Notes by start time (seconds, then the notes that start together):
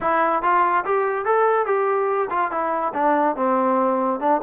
0.01 E4
0.42 F4
0.84 G4
1.25 A4
1.66 G4
2.30 F4
2.51 E4
2.94 D4
3.36 C4
4.20 D4